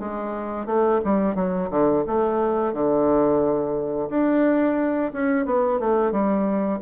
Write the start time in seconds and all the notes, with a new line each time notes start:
0.00 G#3
0.67 A3
1.05 G3
1.35 F#3
1.71 D3
2.07 A3
2.73 D3
4.10 D4
5.13 C#4
5.46 B3
5.80 A3
6.12 G3